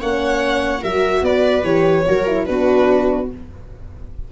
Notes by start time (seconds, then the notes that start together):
0.00 A#3 C#4 C#5 F#5
0.82 F#3 F#4 A#4 E5
1.22 B3 B4 D5
1.63 E3 G4 C#5
2.07 F#3 F#4 A#4
2.27 E4
2.45 B3 D4 F#4 B4